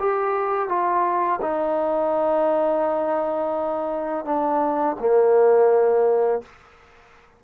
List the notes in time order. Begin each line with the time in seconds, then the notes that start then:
0.00 G4
0.69 F4
1.42 D#4
4.25 D4
5.00 A#3